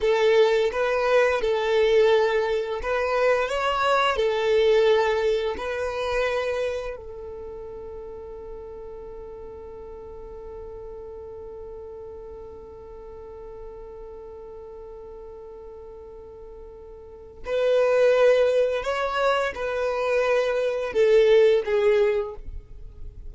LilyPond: \new Staff \with { instrumentName = "violin" } { \time 4/4 \tempo 4 = 86 a'4 b'4 a'2 | b'4 cis''4 a'2 | b'2 a'2~ | a'1~ |
a'1~ | a'1~ | a'4 b'2 cis''4 | b'2 a'4 gis'4 | }